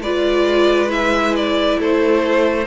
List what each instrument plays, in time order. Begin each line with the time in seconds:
0.00 cello G#3, viola F4, violin B4 D5
0.88 viola E4, violin E5
1.36 violin D5
1.79 cello A3, violin A4 C5